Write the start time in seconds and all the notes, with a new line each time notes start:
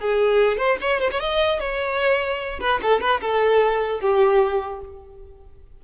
0.00 G#4
0.57 C5
0.81 C#5
1.00 C5
1.11 C#5
1.20 D#5
1.60 C#5
2.60 B4
2.82 A4
3.00 B4
3.21 A4
4.00 G4